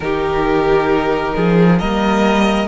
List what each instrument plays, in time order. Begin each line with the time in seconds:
0.00 cello D#3, viola D#4, violin G4 A#4
1.35 cello F3, violin G#4
1.78 cello G3, viola A#3, violin A#4 D#5